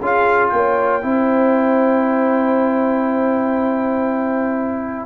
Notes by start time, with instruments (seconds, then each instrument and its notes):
0.00 tuba C#4, trombone F4, horn G#4, trumpet F5
0.49 tuba A#3, trumpet G5
0.55 horn C#5
1.01 tuba C4, trombone E4, horn C5